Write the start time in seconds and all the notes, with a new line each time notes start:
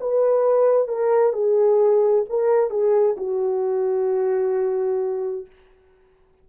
0.00 B4
0.87 A#4
1.33 G#4
2.29 A#4
2.70 G#4
3.17 F#4